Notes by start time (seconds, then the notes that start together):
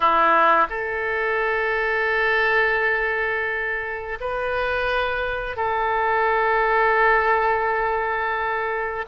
0.00 E4
0.69 A4
4.20 B4
5.56 A4